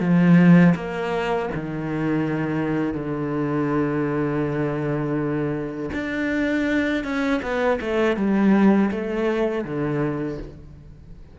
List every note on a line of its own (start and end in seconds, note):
0.00 0.74 F3
0.75 1.49 A#3
1.54 2.94 D#3
2.94 5.90 D3
5.93 7.04 D4
7.04 7.41 C#4
7.42 7.79 B3
7.81 8.16 A3
8.16 8.90 G3
8.91 9.64 A3
9.64 10.38 D3